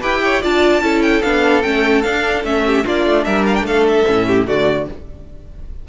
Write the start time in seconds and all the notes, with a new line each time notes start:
0.00 E4 G4 B4 G5
0.24 C#5
0.41 D4 F4 D5 A5
0.81 C#4 E4 A4
1.01 G5
1.22 B3 D4 F5
1.62 A3 C#4 G5
2.01 D4 F5
2.43 A3 C#4 E5
2.66 G4
2.84 A#3 D4 F4 D5
3.05 A3
3.24 G3 A#4 E5
3.46 F5
3.55 G5
3.62 A3 A4 F5
3.87 E5
4.05 A2 C#4
4.27 G4
4.47 D3 A3 F#4 D5